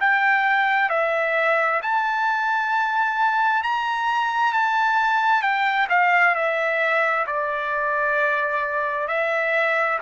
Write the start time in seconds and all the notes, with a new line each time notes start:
0.00 G5
0.89 E5
1.82 A5
3.63 A#5
4.53 A5
5.42 G5
5.89 F5
6.35 E5
7.26 D5
9.08 E5